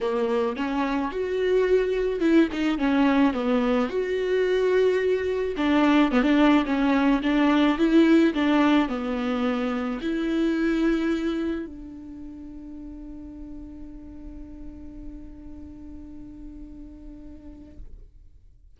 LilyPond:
\new Staff \with { instrumentName = "viola" } { \time 4/4 \tempo 4 = 108 ais4 cis'4 fis'2 | e'8 dis'8 cis'4 b4 fis'4~ | fis'2 d'4 b16 d'8. | cis'4 d'4 e'4 d'4 |
b2 e'2~ | e'4 d'2.~ | d'1~ | d'1 | }